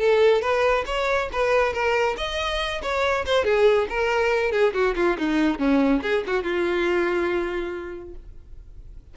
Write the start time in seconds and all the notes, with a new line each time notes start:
0.00 A4
0.42 B4
0.86 C#5
1.32 B4
1.73 A#4
2.18 D#5
2.82 C#5
3.26 C5
3.45 G#4
3.89 A#4
4.52 G#4
4.74 F#4
4.96 F4
5.18 D#4
5.59 C#4
6.03 G#4
6.27 F#4
6.43 F4